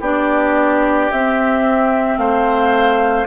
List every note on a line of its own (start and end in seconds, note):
0.00 1.09 B3
0.00 1.12 D4
0.00 2.18 G4
0.00 1.11 D5
1.11 2.17 C4
1.11 3.27 C4
1.11 2.17 E5
2.17 3.27 A3
2.17 3.27 C5
2.17 3.26 F5